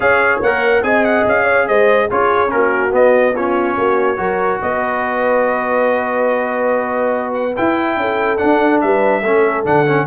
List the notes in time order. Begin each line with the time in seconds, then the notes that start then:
0.00 C#4 G#4 C#5 F5
0.41 A#3 A#4 F#5
0.82 C4 G#4 D#5 G#5
1.04 F#5
1.26 C#4 F5
1.44 C#5
1.67 G#3 C5 D#5
2.10 C#4 F4 G#4 C#5
2.48 A#3 C#4 F#4 A#4
2.92 B3 D#5
3.34 C#4 F4 C#5
3.76 A#3 F#4
4.16 F#3 F#4 A#4
4.61 B3 B4 D#5
7.34 F#5
7.56 E4 G5
7.96 C#4 A4
8.37 D4 F#5
8.81 G3 B4 E5
9.21 A3 C#4 A4
9.65 D3 D4 F#5
9.87 C#4